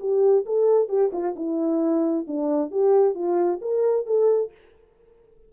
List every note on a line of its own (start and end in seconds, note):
0.00 0.45 G4
0.46 0.89 A4
0.89 1.11 G4
1.13 1.35 F4
1.36 2.26 E4
2.27 2.71 D4
2.71 3.15 G4
3.15 3.60 F4
3.62 4.06 A#4
4.06 4.51 A4